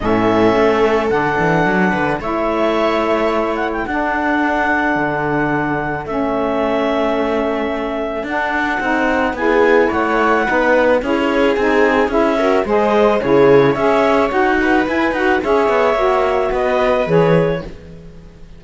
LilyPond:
<<
  \new Staff \with { instrumentName = "clarinet" } { \time 4/4 \tempo 4 = 109 e''2 fis''2 | e''2~ e''8 fis''16 g''16 fis''4~ | fis''2. e''4~ | e''2. fis''4~ |
fis''4 gis''4 fis''2 | cis''4 gis''4 e''4 dis''4 | cis''4 e''4 fis''4 gis''8 fis''8 | e''2 dis''4 cis''4 | }
  \new Staff \with { instrumentName = "viola" } { \time 4/4 a'2.~ a'8 b'8 | cis''2. a'4~ | a'1~ | a'1~ |
a'4 gis'4 cis''4 b'4 | gis'2~ gis'8 ais'8 c''4 | gis'4 cis''4. b'4. | cis''2 b'2 | }
  \new Staff \with { instrumentName = "saxophone" } { \time 4/4 cis'2 d'2 | e'2. d'4~ | d'2. cis'4~ | cis'2. d'4 |
dis'4 e'2 dis'4 | e'4 dis'4 e'8 fis'8 gis'4 | e'4 gis'4 fis'4 e'8 fis'8 | gis'4 fis'2 gis'4 | }
  \new Staff \with { instrumentName = "cello" } { \time 4/4 a,4 a4 d8 e8 fis8 d8 | a2. d'4~ | d'4 d2 a4~ | a2. d'4 |
c'4 b4 a4 b4 | cis'4 c'4 cis'4 gis4 | cis4 cis'4 dis'4 e'8 dis'8 | cis'8 b8 ais4 b4 e4 | }
>>